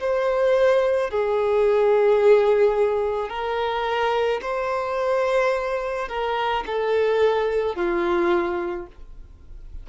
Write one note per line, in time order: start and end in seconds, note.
0.00 1.10 C5
1.10 3.29 G#4
3.29 4.40 A#4
4.41 6.08 C5
6.08 6.64 A#4
6.66 7.76 A4
7.76 8.87 F4